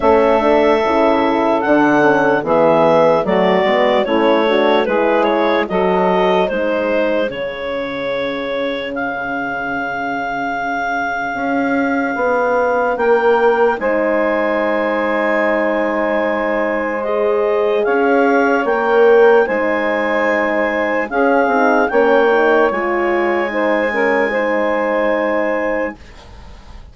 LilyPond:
<<
  \new Staff \with { instrumentName = "clarinet" } { \time 4/4 \tempo 4 = 74 e''2 fis''4 e''4 | d''4 cis''4 b'8 cis''8 dis''4 | c''4 cis''2 f''4~ | f''1 |
g''4 gis''2.~ | gis''4 dis''4 f''4 g''4 | gis''2 f''4 g''4 | gis''1 | }
  \new Staff \with { instrumentName = "saxophone" } { \time 4/4 a'2. gis'4 | fis'4 e'8 fis'8 gis'4 a'4 | gis'1~ | gis'1 |
ais'4 c''2.~ | c''2 cis''2 | c''2 gis'4 cis''4~ | cis''4 c''8 ais'8 c''2 | }
  \new Staff \with { instrumentName = "horn" } { \time 4/4 cis'8 d'8 e'4 d'8 cis'8 b4 | a8 b8 cis'8 d'8 e'4 fis'4 | dis'4 cis'2.~ | cis'1~ |
cis'4 dis'2.~ | dis'4 gis'2 ais'4 | dis'2 cis'8 dis'8 cis'8 dis'8 | f'4 dis'8 cis'8 dis'2 | }
  \new Staff \with { instrumentName = "bassoon" } { \time 4/4 a4 cis4 d4 e4 | fis8 gis8 a4 gis4 fis4 | gis4 cis2.~ | cis2 cis'4 b4 |
ais4 gis2.~ | gis2 cis'4 ais4 | gis2 cis'8 c'8 ais4 | gis1 | }
>>